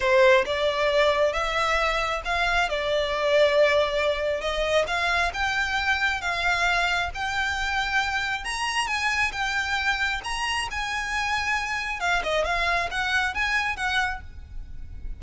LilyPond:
\new Staff \with { instrumentName = "violin" } { \time 4/4 \tempo 4 = 135 c''4 d''2 e''4~ | e''4 f''4 d''2~ | d''2 dis''4 f''4 | g''2 f''2 |
g''2. ais''4 | gis''4 g''2 ais''4 | gis''2. f''8 dis''8 | f''4 fis''4 gis''4 fis''4 | }